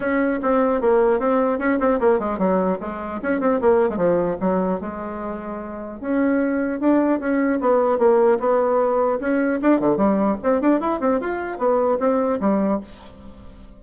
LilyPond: \new Staff \with { instrumentName = "bassoon" } { \time 4/4 \tempo 4 = 150 cis'4 c'4 ais4 c'4 | cis'8 c'8 ais8 gis8 fis4 gis4 | cis'8 c'8 ais8. gis16 f4 fis4 | gis2. cis'4~ |
cis'4 d'4 cis'4 b4 | ais4 b2 cis'4 | d'8 d8 g4 c'8 d'8 e'8 c'8 | f'4 b4 c'4 g4 | }